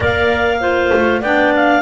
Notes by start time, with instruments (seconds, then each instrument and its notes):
0.00 double bass A#3, clarinet A#4 D5 F5
0.60 clarinet F4 C5
0.93 double bass A3
1.21 double bass B3, clarinet D4 D5 G5
1.55 clarinet F5